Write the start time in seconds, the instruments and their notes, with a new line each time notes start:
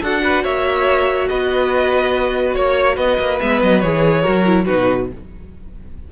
0.00 cello D4, viola F#4, violin A4 F#5
0.24 violin B4
0.44 cello A#3, violin C#5 E5
1.28 cello B3, violin B4 D#5
2.54 cello A#3, violin C#5
2.96 cello B3, violin B4 D#5
3.18 cello A#3
3.40 cello G#3, viola B3, violin E5
3.63 cello F#3, violin D#5
3.80 cello E3, viola G#4, violin C#5
4.21 cello F#3, viola F#4, violin A#4
4.45 viola E4
4.66 cello B2, viola D#4, violin F#4 B4